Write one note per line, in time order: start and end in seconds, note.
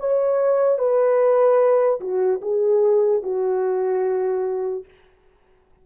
0.00 0.79 C#5
0.79 2.00 B4
2.01 2.41 F#4
2.42 3.23 G#4
3.23 4.85 F#4